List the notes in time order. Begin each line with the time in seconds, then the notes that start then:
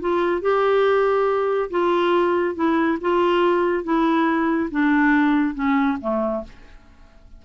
0.00 F4
0.41 G4
1.70 F4
2.55 E4
3.01 F4
3.84 E4
4.71 D4
5.55 C#4
6.01 A3